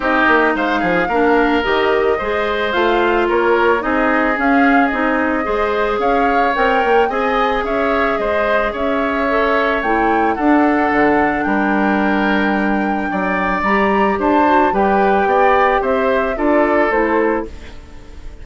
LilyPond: <<
  \new Staff \with { instrumentName = "flute" } { \time 4/4 \tempo 4 = 110 dis''4 f''2 dis''4~ | dis''4 f''4 cis''4 dis''4 | f''4 dis''2 f''4 | g''4 gis''4 e''4 dis''4 |
e''2 g''4 fis''4~ | fis''4 g''2.~ | g''4 ais''4 a''4 g''4~ | g''4 e''4 d''4 c''4 | }
  \new Staff \with { instrumentName = "oboe" } { \time 4/4 g'4 c''8 gis'8 ais'2 | c''2 ais'4 gis'4~ | gis'2 c''4 cis''4~ | cis''4 dis''4 cis''4 c''4 |
cis''2. a'4~ | a'4 ais'2. | d''2 c''4 b'4 | d''4 c''4 a'2 | }
  \new Staff \with { instrumentName = "clarinet" } { \time 4/4 dis'2 d'4 g'4 | gis'4 f'2 dis'4 | cis'4 dis'4 gis'2 | ais'4 gis'2.~ |
gis'4 a'4 e'4 d'4~ | d'1~ | d'4 g'4. fis'8 g'4~ | g'2 f'4 e'4 | }
  \new Staff \with { instrumentName = "bassoon" } { \time 4/4 c'8 ais8 gis8 f8 ais4 dis4 | gis4 a4 ais4 c'4 | cis'4 c'4 gis4 cis'4 | c'8 ais8 c'4 cis'4 gis4 |
cis'2 a4 d'4 | d4 g2. | fis4 g4 d'4 g4 | b4 c'4 d'4 a4 | }
>>